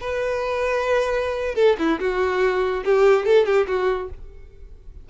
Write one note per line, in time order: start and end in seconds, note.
0.00 1.55 B4
1.55 1.76 A4
1.78 1.99 E4
2.00 2.84 F#4
2.84 3.25 G4
3.25 3.46 A4
3.46 3.67 G4
3.67 4.09 F#4